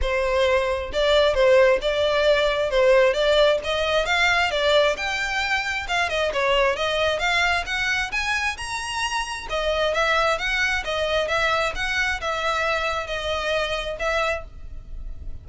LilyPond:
\new Staff \with { instrumentName = "violin" } { \time 4/4 \tempo 4 = 133 c''2 d''4 c''4 | d''2 c''4 d''4 | dis''4 f''4 d''4 g''4~ | g''4 f''8 dis''8 cis''4 dis''4 |
f''4 fis''4 gis''4 ais''4~ | ais''4 dis''4 e''4 fis''4 | dis''4 e''4 fis''4 e''4~ | e''4 dis''2 e''4 | }